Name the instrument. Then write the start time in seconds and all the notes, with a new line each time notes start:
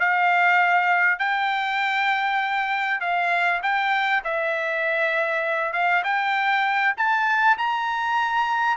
trumpet
0.00 F5
1.19 G5
3.01 F5
3.63 G5
4.24 E5
5.73 F5
6.04 G5
6.97 A5
7.58 A#5